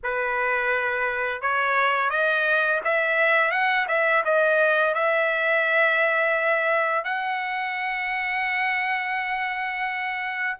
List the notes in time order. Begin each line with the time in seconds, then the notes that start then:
0.03 B4
1.41 C#5
2.10 D#5
2.84 E5
3.51 F#5
3.88 E5
4.24 D#5
4.94 E5
7.04 F#5